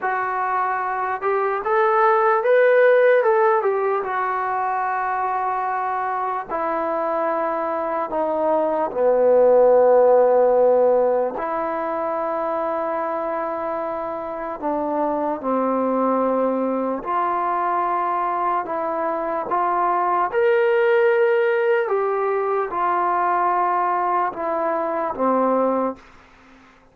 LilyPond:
\new Staff \with { instrumentName = "trombone" } { \time 4/4 \tempo 4 = 74 fis'4. g'8 a'4 b'4 | a'8 g'8 fis'2. | e'2 dis'4 b4~ | b2 e'2~ |
e'2 d'4 c'4~ | c'4 f'2 e'4 | f'4 ais'2 g'4 | f'2 e'4 c'4 | }